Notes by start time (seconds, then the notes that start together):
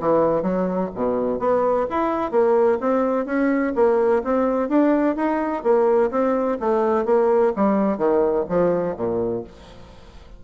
0.00 E3
0.42 F#3
0.95 B2
1.39 B3
1.90 E4
2.31 A#3
2.80 C4
3.26 C#4
3.75 A#3
4.24 C4
4.69 D4
5.16 D#4
5.63 A#3
6.11 C4
6.60 A3
7.05 A#3
7.56 G3
7.98 D#3
8.49 F3
8.97 A#2